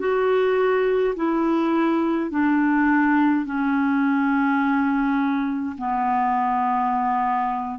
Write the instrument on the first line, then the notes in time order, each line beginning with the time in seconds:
clarinet
0.00 F#4
1.16 E4
2.31 D4
3.46 C#4
5.78 B3